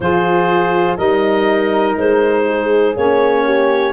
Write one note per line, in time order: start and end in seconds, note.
0.00 0.97 F3
0.00 0.97 F4
0.00 0.97 G#4
0.00 0.97 C5
0.97 1.97 G3
0.97 2.93 D#4
0.97 2.45 A#4
0.97 1.95 D#5
1.98 2.96 G#3
1.98 2.96 C5
2.46 3.45 G#4
2.95 3.93 A#3
2.95 3.93 C#4
2.95 3.93 C#5
3.45 3.93 G4